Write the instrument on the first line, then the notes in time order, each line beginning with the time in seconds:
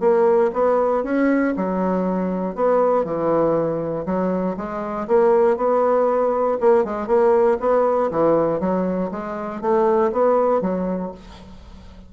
bassoon
0.00 A#3
0.53 B3
1.03 C#4
1.56 F#3
2.55 B3
3.04 E3
4.06 F#3
4.57 G#3
5.07 A#3
5.57 B3
6.61 A#3
6.85 G#3
7.07 A#3
7.60 B3
8.11 E3
8.60 F#3
9.11 G#3
9.61 A3
10.12 B3
10.61 F#3